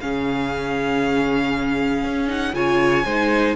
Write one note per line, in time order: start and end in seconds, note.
0.00 2.04 C#3
0.00 2.27 C#4
0.00 2.56 G#4
0.00 2.29 F5
2.04 2.53 C#4
2.27 2.53 D#4
2.27 2.54 F#5
2.53 3.04 C#3
2.53 3.04 F4
2.53 3.05 C#5
2.53 3.56 G#5
3.05 3.56 G#3
3.05 3.56 D#4
3.05 3.55 C5